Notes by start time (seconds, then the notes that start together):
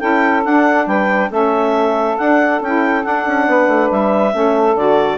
0.00 C#4 E4 A4 G5
0.45 D4 F#5
0.87 G3 B4 G5
1.30 A3 C#4 A4 E5
2.18 D4 F#5
2.62 C#4 E4 G5
3.04 D4 F#5
3.28 C#4
3.48 B3 B4
3.69 A3
3.91 G3 E5
4.32 A3 C#4 A4
4.76 D3 F#4 D5